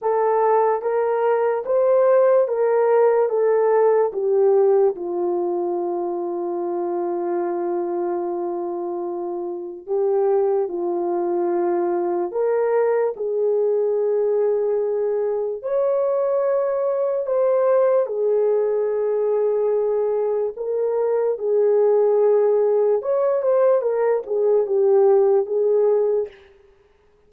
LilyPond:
\new Staff \with { instrumentName = "horn" } { \time 4/4 \tempo 4 = 73 a'4 ais'4 c''4 ais'4 | a'4 g'4 f'2~ | f'1 | g'4 f'2 ais'4 |
gis'2. cis''4~ | cis''4 c''4 gis'2~ | gis'4 ais'4 gis'2 | cis''8 c''8 ais'8 gis'8 g'4 gis'4 | }